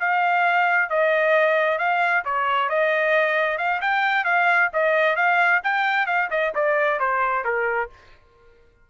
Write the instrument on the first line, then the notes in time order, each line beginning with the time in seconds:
trumpet
0.00 F5
0.90 D#5
1.79 F5
2.25 C#5
2.70 D#5
3.58 F5
3.82 G5
4.25 F5
4.73 D#5
5.17 F5
5.64 G5
6.07 F5
6.31 D#5
6.55 D5
7.00 C5
7.45 A#4